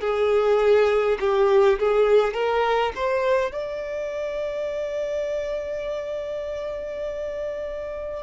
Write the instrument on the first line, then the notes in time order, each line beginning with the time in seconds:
violin
0.00 G#4
1.20 G4
1.79 G#4
2.33 A#4
2.95 C5
3.52 D5